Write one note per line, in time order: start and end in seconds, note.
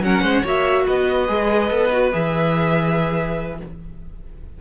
0.00 0.21 F#3
0.00 0.45 C#4
0.00 0.46 F#5
0.06 0.22 A#4
0.22 0.43 G#3
0.22 0.42 C5
0.42 0.87 A#3
0.42 1.28 F#4
0.42 0.84 C#5
0.42 0.87 E5
0.86 1.29 B3
0.86 3.59 B4
0.86 2.13 D#5
1.28 1.70 G#3
1.28 1.70 G#4
1.70 2.12 B3
1.70 1.91 A4
1.92 2.12 F#4
2.12 3.61 E3
2.12 3.59 G#4
2.12 3.60 E5